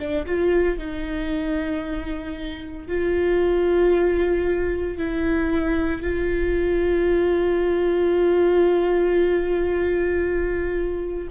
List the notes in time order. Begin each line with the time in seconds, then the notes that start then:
0.00 D4
0.27 F4
0.78 D#4
2.88 F4
4.98 E4
6.02 F4